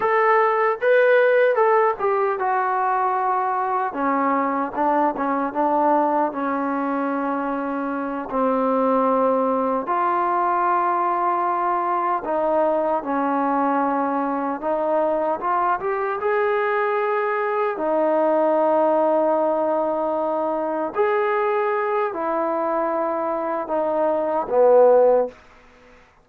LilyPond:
\new Staff \with { instrumentName = "trombone" } { \time 4/4 \tempo 4 = 76 a'4 b'4 a'8 g'8 fis'4~ | fis'4 cis'4 d'8 cis'8 d'4 | cis'2~ cis'8 c'4.~ | c'8 f'2. dis'8~ |
dis'8 cis'2 dis'4 f'8 | g'8 gis'2 dis'4.~ | dis'2~ dis'8 gis'4. | e'2 dis'4 b4 | }